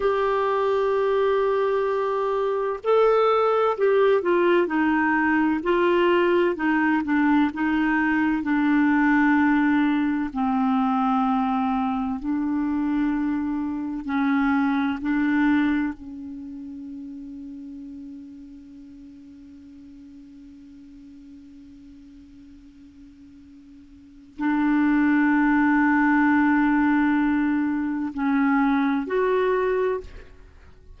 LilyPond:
\new Staff \with { instrumentName = "clarinet" } { \time 4/4 \tempo 4 = 64 g'2. a'4 | g'8 f'8 dis'4 f'4 dis'8 d'8 | dis'4 d'2 c'4~ | c'4 d'2 cis'4 |
d'4 cis'2.~ | cis'1~ | cis'2 d'2~ | d'2 cis'4 fis'4 | }